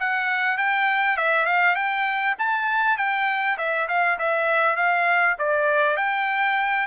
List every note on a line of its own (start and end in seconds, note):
0.00 0.58 F#5
0.58 1.17 G5
1.17 1.46 E5
1.46 1.76 F5
1.76 2.36 G5
2.39 2.98 A5
2.98 3.58 G5
3.58 3.88 E5
3.88 4.18 F5
4.19 4.76 E5
4.76 5.36 F5
5.39 5.97 D5
5.97 6.87 G5